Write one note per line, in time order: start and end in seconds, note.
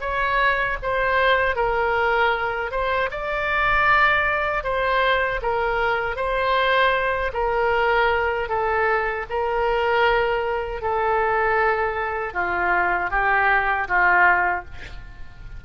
0.00 0.77 C#5
0.82 1.56 C5
1.56 2.71 A#4
2.71 3.09 C5
3.10 4.63 D5
4.63 5.40 C5
5.42 6.16 A#4
6.16 7.31 C5
7.33 8.48 A#4
8.49 9.26 A4
9.29 10.81 A#4
10.81 12.33 A4
12.33 13.10 F4
13.10 13.87 G4
13.88 14.65 F4